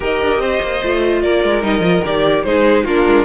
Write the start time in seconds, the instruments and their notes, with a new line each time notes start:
0.00 cello D#4, viola G4, violin A#4 D#5
0.21 cello D4
0.38 cello C4, violin C5
0.61 cello A#3
0.82 cello A3, viola F4
1.22 cello A#3, violin A#4 D5
1.43 cello G#3
1.61 cello G3, viola D#4, violin D#5
1.79 cello F3, viola F4
2.05 cello D#3, viola G4, violin D5
2.43 cello G#3, viola D#4, violin G#4 C5
2.84 cello A#3, viola D4, violin F4 A#4
3.06 cello G#3